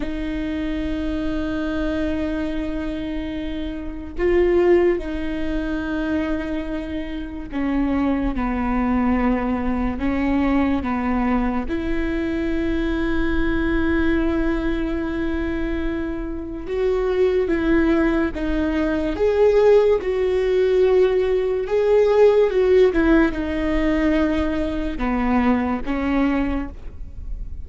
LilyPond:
\new Staff \with { instrumentName = "viola" } { \time 4/4 \tempo 4 = 72 dis'1~ | dis'4 f'4 dis'2~ | dis'4 cis'4 b2 | cis'4 b4 e'2~ |
e'1 | fis'4 e'4 dis'4 gis'4 | fis'2 gis'4 fis'8 e'8 | dis'2 b4 cis'4 | }